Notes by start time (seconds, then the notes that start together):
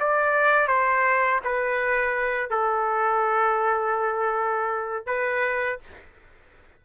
0.00 D5
0.68 C5
1.45 B4
2.50 A4
5.07 B4